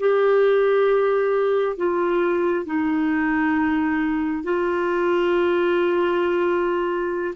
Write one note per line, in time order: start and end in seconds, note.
0.00 1.77 G4
1.77 2.66 F4
2.66 4.44 D#4
4.44 7.35 F4